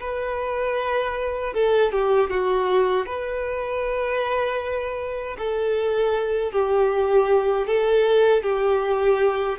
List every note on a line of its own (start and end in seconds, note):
0.00 1.54 B4
1.54 1.92 A4
1.92 2.30 G4
2.30 3.06 F#4
3.06 5.37 B4
5.38 6.52 A4
6.52 7.67 G4
7.67 8.43 A4
8.43 9.58 G4